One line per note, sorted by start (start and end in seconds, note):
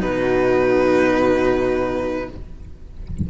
0.00 2.30 B2
0.00 2.28 D#4
0.00 2.31 F#4
0.00 2.30 B4